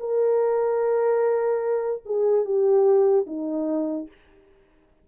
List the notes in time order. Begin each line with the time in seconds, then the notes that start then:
0.00 A#4
2.06 G#4
2.45 G4
3.27 D#4